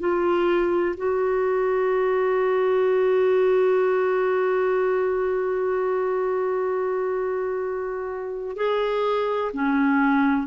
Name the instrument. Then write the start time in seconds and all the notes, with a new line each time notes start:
clarinet
0.00 F4
0.97 F#4
8.57 G#4
9.54 C#4